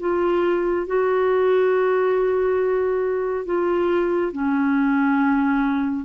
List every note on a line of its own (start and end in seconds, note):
0.00 0.87 F4
0.87 3.45 F#4
3.45 4.32 F4
4.32 6.05 C#4